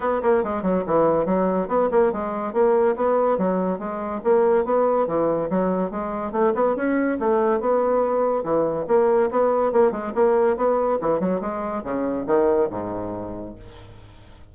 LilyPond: \new Staff \with { instrumentName = "bassoon" } { \time 4/4 \tempo 4 = 142 b8 ais8 gis8 fis8 e4 fis4 | b8 ais8 gis4 ais4 b4 | fis4 gis4 ais4 b4 | e4 fis4 gis4 a8 b8 |
cis'4 a4 b2 | e4 ais4 b4 ais8 gis8 | ais4 b4 e8 fis8 gis4 | cis4 dis4 gis,2 | }